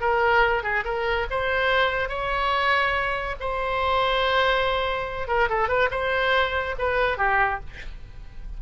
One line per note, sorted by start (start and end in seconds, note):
0.00 0.63 A#4
0.63 0.84 G#4
0.84 1.26 A#4
1.30 2.09 C5
2.09 3.36 C#5
3.40 5.28 C5
5.28 5.49 A#4
5.49 5.68 A4
5.68 5.89 B4
5.91 6.75 C5
6.78 7.17 B4
7.17 7.60 G4